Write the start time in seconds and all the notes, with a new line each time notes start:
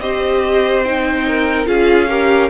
0.00 C4 G4 C5 D#5
0.84 D#4 G5
1.28 A#4
1.66 C#4 F4 G#4 F5
2.09 G4 A#4